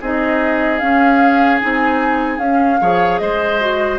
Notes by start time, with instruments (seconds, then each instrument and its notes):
0.00 bassoon C4, clarinet D#4, oboe G#4, flute D#5
0.78 clarinet C#4, bassoon C#4, flute F5
1.59 bassoon C4, clarinet D#4, flute G#5
2.38 bassoon C#4, clarinet C#4, flute F5
2.81 bassoon F3, clarinet G#4, oboe C#5
3.18 bassoon G#3, oboe C5, flute D#5
3.60 clarinet F#4